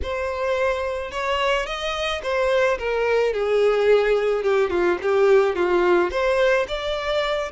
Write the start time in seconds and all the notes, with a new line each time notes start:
0.02 C5
1.11 C#5
1.66 D#5
2.22 C5
2.78 A#4
3.33 G#4
4.43 G4
4.70 F4
5.02 G4
5.55 F4
6.10 C5
6.67 D5